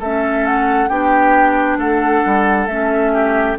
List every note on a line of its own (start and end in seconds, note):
0.00 0.89 A3
0.00 0.90 C#4
0.00 0.89 A4
0.00 0.46 E5
0.46 0.88 F#5
0.88 1.77 B3
0.88 2.69 D4
0.88 1.78 G4
0.88 1.78 G5
1.77 2.22 A3
1.77 3.12 A4
1.77 2.67 F#5
2.26 2.67 G3
2.67 3.56 A3
2.67 3.58 C#4
2.67 3.56 E5
3.13 3.57 G4